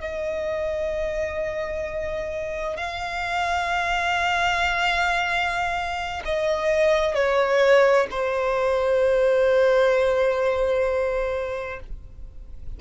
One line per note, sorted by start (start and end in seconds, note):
0.00 2.76 D#5
2.76 6.22 F5
6.25 7.15 D#5
7.15 8.07 C#5
8.10 11.79 C5